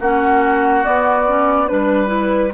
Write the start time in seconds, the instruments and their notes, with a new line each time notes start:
0.00 bassoon A#3, clarinet C#4, oboe F#4, flute F#5
0.84 clarinet B3, bassoon B3, flute D5
1.27 clarinet C#4
1.67 bassoon G3, clarinet D4, flute B4, oboe B4
2.07 clarinet E4